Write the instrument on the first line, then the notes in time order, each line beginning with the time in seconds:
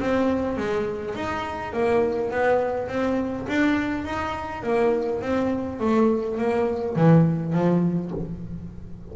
double bass
0.00 C4
0.58 G#3
1.15 D#4
1.73 A#3
2.31 B3
2.89 C4
3.48 D4
4.05 D#4
4.63 A#3
5.22 C4
5.80 A3
6.38 A#3
6.96 E3
7.53 F3